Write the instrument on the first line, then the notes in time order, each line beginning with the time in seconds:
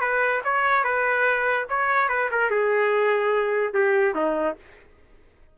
trumpet
0.00 B4
0.44 C#5
0.84 B4
1.69 C#5
2.09 B4
2.31 A#4
2.50 G#4
3.73 G4
4.14 D#4